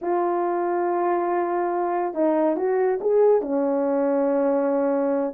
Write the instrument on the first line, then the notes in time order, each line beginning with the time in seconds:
horn
0.01 F4
2.14 D#4
2.56 F#4
3.00 G#4
3.41 C#4